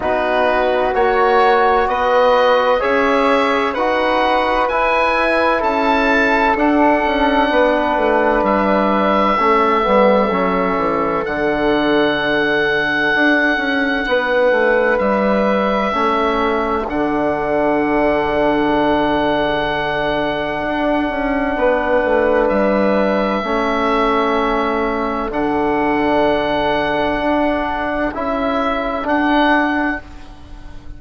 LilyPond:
<<
  \new Staff \with { instrumentName = "oboe" } { \time 4/4 \tempo 4 = 64 b'4 cis''4 dis''4 e''4 | fis''4 gis''4 a''4 fis''4~ | fis''4 e''2. | fis''1 |
e''2 fis''2~ | fis''1 | e''2. fis''4~ | fis''2 e''4 fis''4 | }
  \new Staff \with { instrumentName = "flute" } { \time 4/4 fis'2 b'4 cis''4 | b'2 a'2 | b'2 a'2~ | a'2. b'4~ |
b'4 a'2.~ | a'2. b'4~ | b'4 a'2.~ | a'1 | }
  \new Staff \with { instrumentName = "trombone" } { \time 4/4 dis'4 fis'2 gis'4 | fis'4 e'2 d'4~ | d'2 cis'8 b8 cis'4 | d'1~ |
d'4 cis'4 d'2~ | d'1~ | d'4 cis'2 d'4~ | d'2 e'4 d'4 | }
  \new Staff \with { instrumentName = "bassoon" } { \time 4/4 b4 ais4 b4 cis'4 | dis'4 e'4 cis'4 d'8 cis'8 | b8 a8 g4 a8 g8 fis8 e8 | d2 d'8 cis'8 b8 a8 |
g4 a4 d2~ | d2 d'8 cis'8 b8 a8 | g4 a2 d4~ | d4 d'4 cis'4 d'4 | }
>>